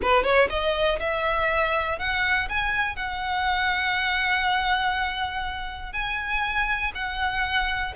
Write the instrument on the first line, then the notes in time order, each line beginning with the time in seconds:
violin
0.01 B4
0.23 C#5
0.49 D#5
0.99 E5
1.98 F#5
2.49 G#5
2.96 F#5
5.93 G#5
6.94 F#5